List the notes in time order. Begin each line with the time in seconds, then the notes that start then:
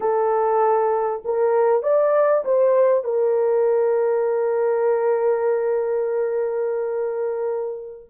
0.00 A4
1.24 A#4
1.83 D5
2.44 C5
3.04 A#4